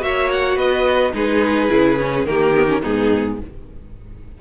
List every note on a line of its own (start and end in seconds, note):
0.00 0.56 A#3
0.00 1.12 F#4
0.00 0.55 C#5
0.00 0.30 E5
0.32 0.57 F#5
0.55 1.12 B3
0.55 1.12 B4
0.55 1.14 D#5
1.13 1.70 G#3
1.13 1.69 D#4
1.13 2.27 G#4
1.13 2.25 B4
1.69 2.26 C#3
1.69 1.97 E4
2.00 2.26 C#4
2.25 2.82 D#3
2.25 2.54 A#3
2.25 2.81 G4
2.25 2.81 A#4
2.55 2.68 B3
2.68 2.82 C#4
2.81 3.41 G#2
2.81 3.38 B3
2.81 3.37 D#4
2.81 3.40 G#4